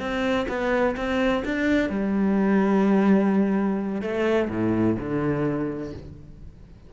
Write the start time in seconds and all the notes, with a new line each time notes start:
0.00 C4
0.49 B3
0.97 C4
1.45 D4
1.90 G3
4.02 A3
4.50 A2
4.99 D3